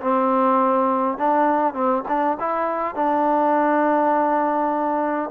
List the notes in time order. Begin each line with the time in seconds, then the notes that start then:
0.00 C4
1.17 D4
1.74 C4
2.08 D4
2.39 E4
2.95 D4